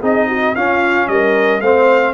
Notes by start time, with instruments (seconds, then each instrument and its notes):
0.00 tuba C4, trombone D#4, horn G#4, trumpet D#5
0.28 horn F#4
0.55 tuba C#4, trombone C#4, horn F4, trumpet F5
1.07 tuba G3, horn A#4, trumpet D#5
1.60 tuba A3, trombone C4, horn C5, trumpet F5